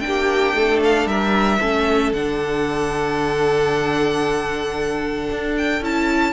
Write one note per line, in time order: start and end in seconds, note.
0.00 0.53 A#3
0.00 1.58 D4
0.00 0.79 G5
0.06 0.56 G4
0.53 1.05 A3
0.53 1.09 A4
0.83 1.06 F5
1.05 1.58 G3
1.05 1.59 A#4
1.05 2.12 E5
1.59 2.12 A3
1.59 2.13 C#4
1.59 6.32 A4
2.12 5.28 D3
2.12 5.82 D4
2.12 5.55 F#5
5.30 5.80 D4
5.57 5.83 G5
5.80 6.32 C#4
5.80 6.33 E4
5.80 6.33 A5